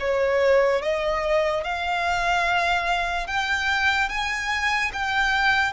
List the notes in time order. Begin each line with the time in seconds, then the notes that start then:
0.00 C#5
0.82 D#5
1.64 F5
3.27 G5
4.09 G#5
4.94 G5